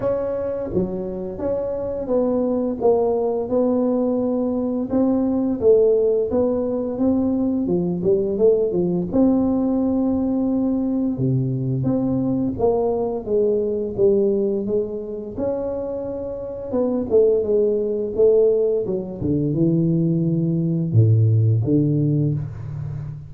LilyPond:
\new Staff \with { instrumentName = "tuba" } { \time 4/4 \tempo 4 = 86 cis'4 fis4 cis'4 b4 | ais4 b2 c'4 | a4 b4 c'4 f8 g8 | a8 f8 c'2. |
c4 c'4 ais4 gis4 | g4 gis4 cis'2 | b8 a8 gis4 a4 fis8 d8 | e2 a,4 d4 | }